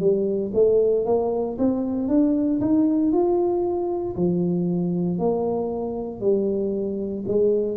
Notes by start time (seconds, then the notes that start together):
0.00 G3
0.54 A3
1.06 A#3
1.58 C4
2.09 D4
2.61 D#4
3.12 F4
4.16 F3
5.19 A#3
6.21 G3
7.27 G#3